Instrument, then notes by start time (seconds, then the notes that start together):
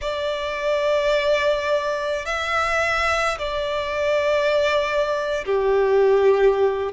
violin
0.01 D5
2.25 E5
3.38 D5
5.45 G4